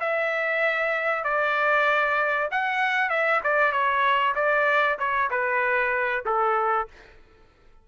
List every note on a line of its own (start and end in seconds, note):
0.00 1.24 E5
1.24 2.49 D5
2.51 3.09 F#5
3.09 3.41 E5
3.43 3.72 D5
3.72 4.35 C#5
4.35 4.98 D5
4.99 5.30 C#5
5.30 6.24 B4
6.26 6.88 A4